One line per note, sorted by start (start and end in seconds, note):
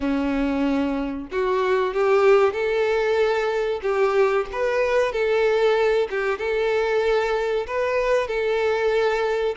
0.00 1.28 C#4
1.31 1.94 F#4
1.94 2.53 G4
2.53 3.80 A4
3.82 4.46 G4
4.52 5.12 B4
5.12 6.08 A4
6.10 6.38 G4
6.38 7.66 A4
7.66 8.27 B4
8.27 9.55 A4